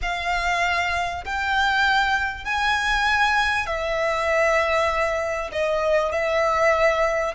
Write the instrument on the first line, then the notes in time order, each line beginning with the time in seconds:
violin
0.02 F5
1.24 G5
2.44 G#5
3.66 E5
5.52 D#5
6.12 E5